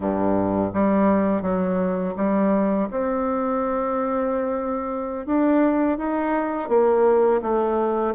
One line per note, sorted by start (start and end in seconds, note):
0.00 0.72 G2
0.73 1.42 G3
1.42 2.14 F#3
2.16 2.88 G3
2.90 5.25 C4
5.26 5.98 D4
5.98 6.68 D#4
6.68 7.41 A#3
7.42 8.14 A3